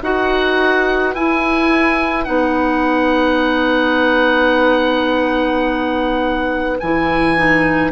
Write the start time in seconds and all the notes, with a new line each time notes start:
0.00 D#4 F#4 B4 F#5
1.14 E4 G#5
2.24 B3 D#4 F#5
6.80 E3 E4 G#5
7.37 D#4